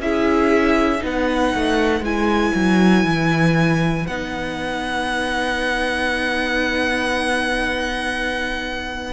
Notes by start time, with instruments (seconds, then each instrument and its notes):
0.00 cello C#4, viola E4, violin G#4 E5
0.99 cello B3, viola D#4, violin B4
1.06 violin F#5
1.54 cello A3
2.01 cello G#3, viola E4, violin G#5
2.55 cello F#3
3.04 cello E3
4.07 cello B3, viola D#4, violin F#5